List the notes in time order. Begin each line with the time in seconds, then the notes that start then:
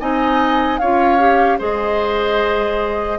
0.00 C4 D#4 D#5 G#5
0.78 C#4 F4 C#5 F5
1.19 G4
1.58 G#3 G#4 C5 D#5